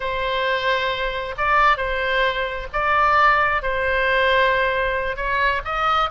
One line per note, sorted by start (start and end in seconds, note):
0.00 1.35 C5
1.37 1.77 D5
1.77 2.67 C5
2.73 3.62 D5
3.62 5.16 C5
5.16 5.61 C#5
5.64 6.09 D#5